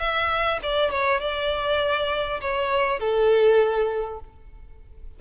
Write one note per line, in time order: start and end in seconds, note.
0.00 0.60 E5
0.63 0.91 D5
0.91 1.21 C#5
1.21 2.41 D5
2.41 3.00 C#5
3.00 4.20 A4